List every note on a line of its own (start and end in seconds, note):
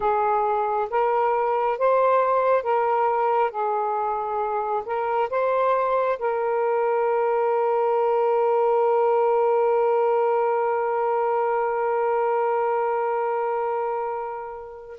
0.00 0.88 G#4
0.90 1.78 A#4
1.78 2.62 C5
2.62 3.51 A#4
3.51 4.83 G#4
4.85 5.29 A#4
5.30 6.18 C5
6.18 14.98 A#4